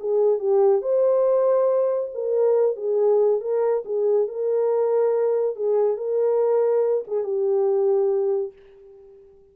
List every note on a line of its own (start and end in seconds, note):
0.00 0.39 G#4
0.39 0.82 G4
0.82 2.11 C5
2.14 2.76 A#4
2.76 3.41 G#4
3.41 3.84 A#4
3.85 4.28 G#4
4.28 5.56 A#4
5.56 5.97 G#4
5.97 7.04 A#4
7.07 7.24 G#4
7.24 8.53 G4